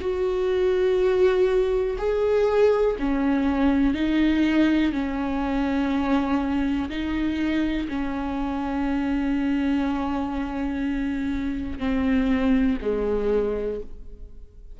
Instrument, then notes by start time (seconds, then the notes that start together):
viola
0.00 F#4
1.97 G#4
2.99 C#4
3.94 D#4
4.92 C#4
6.89 D#4
7.88 C#4
11.79 C4
12.81 G#3